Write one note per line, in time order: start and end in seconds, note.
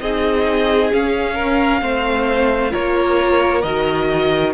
0.00 0.91 C4
0.00 0.91 D#4
0.00 1.35 G#4
0.00 0.91 D#5
0.91 1.82 C#4
0.91 2.74 F5
1.35 1.80 A#4
1.82 2.73 A3
1.82 2.71 C4
1.82 2.72 C5
2.71 3.64 A#3
2.71 3.62 F4
2.71 4.54 A#4
2.71 3.62 C#5
3.62 4.54 D#3
3.62 4.54 F#4
3.62 4.53 D#5